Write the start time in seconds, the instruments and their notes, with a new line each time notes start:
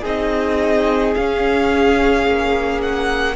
0.00 cello C4, viola D#4, violin G#4 D#5
1.14 viola C#4, cello C#4, violin F5
2.26 cello A#3
2.81 violin F#5